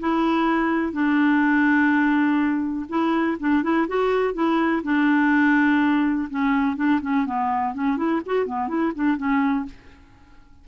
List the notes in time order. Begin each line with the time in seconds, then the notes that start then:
0.00 E4
0.93 D4
2.89 E4
3.40 D4
3.63 E4
3.88 F#4
4.34 E4
4.84 D4
6.30 C#4
6.76 D4
7.02 C#4
7.26 B3
7.74 C#4
7.97 E4
8.26 F#4
8.46 B3
8.68 E4
8.95 D4
9.17 C#4